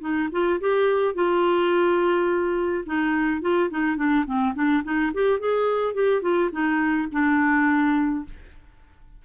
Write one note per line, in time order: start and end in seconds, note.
0.00 0.28 D#4
0.31 0.59 F4
0.60 1.14 G4
1.14 2.84 F4
2.86 3.41 D#4
3.41 3.69 F4
3.69 3.96 D#4
3.96 4.25 D4
4.26 4.54 C4
4.54 4.83 D4
4.83 5.11 D#4
5.14 5.39 G4
5.39 5.94 G#4
5.94 6.21 G4
6.21 6.50 F4
6.51 7.08 D#4
7.12 8.25 D4